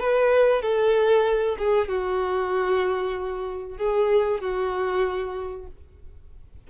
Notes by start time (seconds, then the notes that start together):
0.00 B4
0.62 A4
1.58 G#4
1.88 F#4
3.78 G#4
4.41 F#4